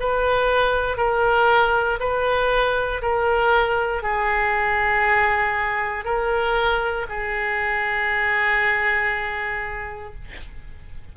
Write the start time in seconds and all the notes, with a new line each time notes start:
0.00 B4
0.98 A#4
2.00 B4
3.02 A#4
4.03 G#4
6.05 A#4
7.10 G#4